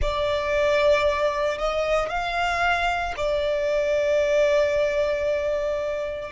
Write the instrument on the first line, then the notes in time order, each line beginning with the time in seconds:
violin
0.01 D5
1.57 D#5
2.09 F5
3.16 D5